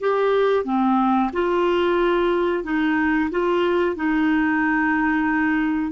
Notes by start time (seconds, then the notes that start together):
0.00 G4
0.64 C4
1.33 F4
2.64 D#4
3.31 F4
3.96 D#4